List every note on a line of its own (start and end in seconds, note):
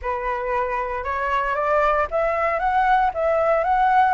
0.01 1.03 B4
1.03 1.55 C#5
1.55 2.06 D5
2.11 2.59 E5
2.59 3.10 F#5
3.14 3.63 E5
3.63 4.14 F#5